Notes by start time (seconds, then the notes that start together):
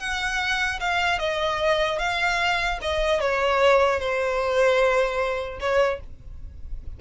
0.00 F#5
0.81 F5
1.19 D#5
1.99 F5
2.82 D#5
3.21 C#5
4.00 C5
5.60 C#5